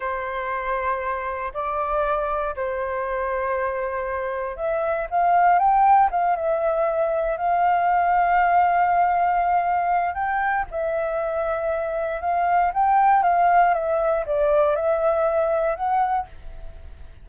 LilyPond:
\new Staff \with { instrumentName = "flute" } { \time 4/4 \tempo 4 = 118 c''2. d''4~ | d''4 c''2.~ | c''4 e''4 f''4 g''4 | f''8 e''2 f''4.~ |
f''1 | g''4 e''2. | f''4 g''4 f''4 e''4 | d''4 e''2 fis''4 | }